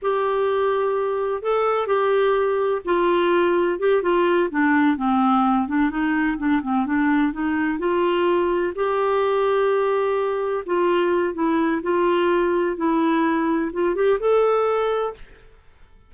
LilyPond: \new Staff \with { instrumentName = "clarinet" } { \time 4/4 \tempo 4 = 127 g'2. a'4 | g'2 f'2 | g'8 f'4 d'4 c'4. | d'8 dis'4 d'8 c'8 d'4 dis'8~ |
dis'8 f'2 g'4.~ | g'2~ g'8 f'4. | e'4 f'2 e'4~ | e'4 f'8 g'8 a'2 | }